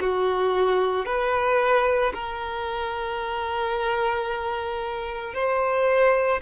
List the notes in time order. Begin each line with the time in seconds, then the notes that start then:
0.00 F#4
1.06 B4
2.14 A#4
5.34 C5